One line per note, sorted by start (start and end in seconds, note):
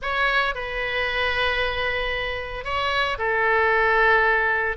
0.02 0.54 C#5
0.54 2.64 B4
2.64 3.17 C#5
3.18 4.76 A4